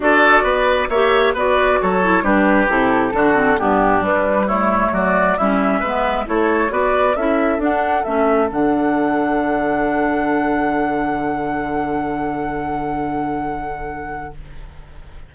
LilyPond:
<<
  \new Staff \with { instrumentName = "flute" } { \time 4/4 \tempo 4 = 134 d''2 e''4 d''4 | cis''4 b'4 a'2 | g'4 b'4 cis''4 d''4 | e''2 cis''4 d''4 |
e''4 fis''4 e''4 fis''4~ | fis''1~ | fis''1~ | fis''1 | }
  \new Staff \with { instrumentName = "oboe" } { \time 4/4 a'4 b'4 cis''4 b'4 | a'4 g'2 fis'4 | d'2 e'4 fis'4 | e'4 b'4 a'4 b'4 |
a'1~ | a'1~ | a'1~ | a'1 | }
  \new Staff \with { instrumentName = "clarinet" } { \time 4/4 fis'2 g'4 fis'4~ | fis'8 e'8 d'4 e'4 d'8 c'8 | b4 g4 a2 | cis'4 b4 e'4 fis'4 |
e'4 d'4 cis'4 d'4~ | d'1~ | d'1~ | d'1 | }
  \new Staff \with { instrumentName = "bassoon" } { \time 4/4 d'4 b4 ais4 b4 | fis4 g4 c4 d4 | g,4 g2 fis4 | g4 gis4 a4 b4 |
cis'4 d'4 a4 d4~ | d1~ | d1~ | d1 | }
>>